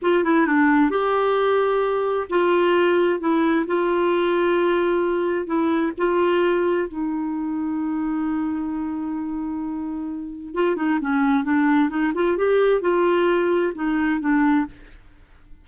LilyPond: \new Staff \with { instrumentName = "clarinet" } { \time 4/4 \tempo 4 = 131 f'8 e'8 d'4 g'2~ | g'4 f'2 e'4 | f'1 | e'4 f'2 dis'4~ |
dis'1~ | dis'2. f'8 dis'8 | cis'4 d'4 dis'8 f'8 g'4 | f'2 dis'4 d'4 | }